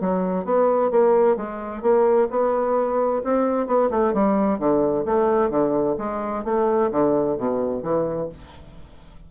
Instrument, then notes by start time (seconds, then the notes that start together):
bassoon
0.00 F#3
0.44 B3
0.90 A#3
1.36 G#3
1.81 A#3
2.30 B3
3.23 C4
3.66 B3
3.90 A3
4.13 G3
4.58 D3
5.05 A3
5.50 D3
5.98 G#3
6.44 A3
6.91 D3
7.37 B2
7.82 E3